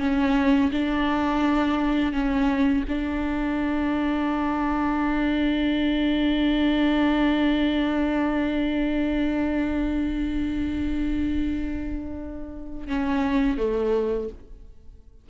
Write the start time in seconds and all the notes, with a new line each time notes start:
0.00 C#4
0.72 D4
2.13 C#4
2.89 D4
12.88 C#4
13.58 A3